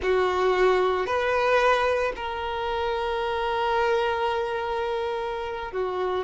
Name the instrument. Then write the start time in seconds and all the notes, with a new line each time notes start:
violin
0.02 F#4
1.06 B4
2.16 A#4
5.72 F#4